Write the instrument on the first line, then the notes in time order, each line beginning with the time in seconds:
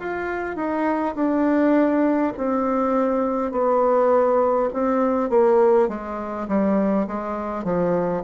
bassoon
0.00 F4
0.57 D#4
1.16 D4
2.37 C4
3.52 B3
4.74 C4
5.30 A#3
5.89 G#3
6.49 G3
7.08 G#3
7.65 F3